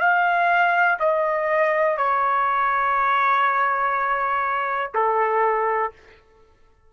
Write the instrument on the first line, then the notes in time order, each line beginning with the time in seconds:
trumpet
0.00 F5
0.99 D#5
1.98 C#5
4.94 A4